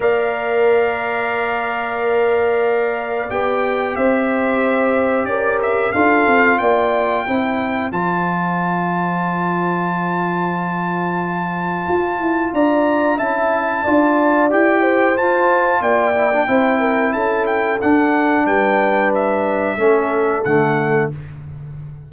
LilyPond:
<<
  \new Staff \with { instrumentName = "trumpet" } { \time 4/4 \tempo 4 = 91 f''1~ | f''4 g''4 e''2 | d''8 e''8 f''4 g''2 | a''1~ |
a''2. ais''4 | a''2 g''4 a''4 | g''2 a''8 g''8 fis''4 | g''4 e''2 fis''4 | }
  \new Staff \with { instrumentName = "horn" } { \time 4/4 d''1~ | d''2 c''2 | ais'4 a'4 d''4 c''4~ | c''1~ |
c''2. d''4 | e''4 d''4. c''4. | d''4 c''8 ais'8 a'2 | b'2 a'2 | }
  \new Staff \with { instrumentName = "trombone" } { \time 4/4 ais'1~ | ais'4 g'2.~ | g'4 f'2 e'4 | f'1~ |
f'1 | e'4 f'4 g'4 f'4~ | f'8 e'16 d'16 e'2 d'4~ | d'2 cis'4 a4 | }
  \new Staff \with { instrumentName = "tuba" } { \time 4/4 ais1~ | ais4 b4 c'2 | cis'4 d'8 c'8 ais4 c'4 | f1~ |
f2 f'8 e'8 d'4 | cis'4 d'4 e'4 f'4 | ais4 c'4 cis'4 d'4 | g2 a4 d4 | }
>>